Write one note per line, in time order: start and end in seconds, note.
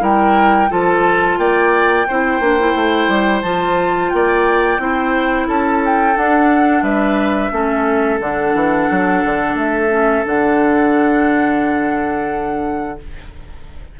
0.00 0.70 G3
0.00 0.68 E4
0.00 0.70 A#4
0.00 0.72 G5
0.69 1.38 F3
0.69 2.06 F4
0.69 1.39 A4
0.69 1.39 A5
1.38 2.06 A#3
1.38 2.08 D5
1.38 3.42 G5
2.08 2.40 C4
2.08 2.42 E4
2.08 4.12 C5
2.40 2.74 A#3
2.40 2.59 D4
2.59 3.44 E4
2.75 3.08 A3
3.08 3.42 G3
3.42 4.11 F3
3.42 4.79 F4
3.42 4.10 A5
4.10 4.79 A#3
4.10 4.82 D5
4.10 5.46 G5
4.79 5.47 C4
4.79 6.15 E4
4.79 5.48 C5
5.48 6.16 C#4
5.48 6.84 A4
5.48 5.82 A5
5.85 6.17 G5
6.16 7.52 D4
6.16 6.83 D4
6.16 6.83 F#5
6.83 7.51 G3
6.83 7.52 B4
6.83 8.19 E5
7.52 8.20 A3
7.52 8.20 C#4
7.52 12.98 A4
8.20 8.55 D3
8.20 9.90 D4
8.20 9.58 F#5
8.55 8.89 E3
8.90 9.25 F#3
9.25 9.55 D3
9.55 10.23 A3
9.55 10.26 E5
9.90 10.24 C#4
10.26 12.99 D3
10.26 12.98 D4
10.26 13.00 F#5